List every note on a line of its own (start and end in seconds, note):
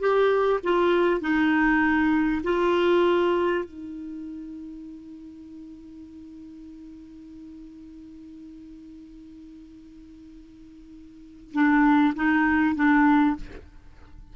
0.00 0.61 G4
0.64 1.21 F4
1.21 2.42 D#4
2.44 3.65 F4
3.65 11.53 D#4
11.53 12.14 D4
12.15 12.75 D#4
12.75 13.36 D4